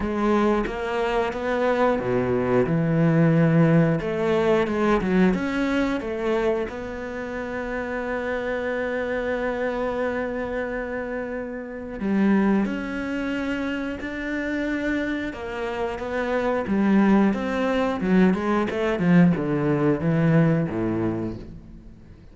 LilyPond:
\new Staff \with { instrumentName = "cello" } { \time 4/4 \tempo 4 = 90 gis4 ais4 b4 b,4 | e2 a4 gis8 fis8 | cis'4 a4 b2~ | b1~ |
b2 g4 cis'4~ | cis'4 d'2 ais4 | b4 g4 c'4 fis8 gis8 | a8 f8 d4 e4 a,4 | }